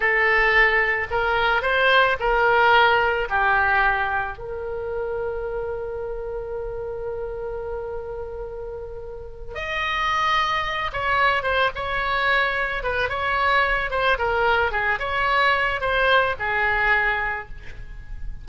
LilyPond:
\new Staff \with { instrumentName = "oboe" } { \time 4/4 \tempo 4 = 110 a'2 ais'4 c''4 | ais'2 g'2 | ais'1~ | ais'1~ |
ais'4. dis''2~ dis''8 | cis''4 c''8 cis''2 b'8 | cis''4. c''8 ais'4 gis'8 cis''8~ | cis''4 c''4 gis'2 | }